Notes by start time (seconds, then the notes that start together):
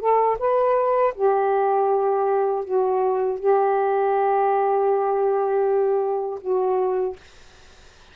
0.00 A4
0.39 B4
1.15 G4
2.65 F#4
3.40 G4
6.41 F#4